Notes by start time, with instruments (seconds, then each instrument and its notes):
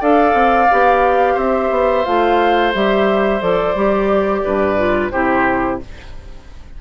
0.00 bassoon D4, clarinet A4, oboe D5, flute F5
0.34 bassoon C4
0.71 bassoon B3, clarinet G4
1.34 bassoon C4, oboe C5, flute E5
1.70 bassoon B3
2.05 bassoon A3, clarinet F4, flute F5
2.74 bassoon G3, clarinet G4, flute E5
3.40 bassoon F3, clarinet A4, flute D5
3.75 bassoon G3, clarinet G4
4.44 bassoon G2, oboe B4
4.77 clarinet F4
5.11 bassoon C3, clarinet E4, oboe G4, flute C5